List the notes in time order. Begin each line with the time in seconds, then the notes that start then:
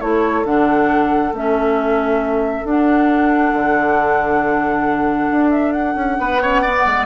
0.00 A3 E4 A4 C#5
0.45 D3 D4 F#5
1.33 A3 C#4 E5
2.64 D4 F#5
3.53 D3
5.32 D4
5.51 E5
5.73 F#5
5.96 C#4
6.19 B3 B4
6.42 C#4 C#5
6.62 B3 D5
6.86 G#3